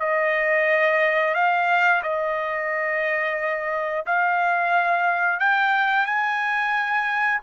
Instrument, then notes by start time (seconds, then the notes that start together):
trumpet
0.00 D#5
1.35 F5
2.03 D#5
4.06 F5
5.40 G5
6.06 G#5